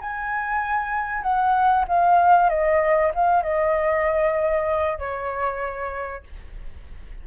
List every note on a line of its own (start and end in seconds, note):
0.00 1.22 G#5
1.22 1.85 F#5
1.88 2.49 F5
2.49 3.11 D#5
3.14 3.42 F5
3.42 4.98 D#5
4.98 6.23 C#5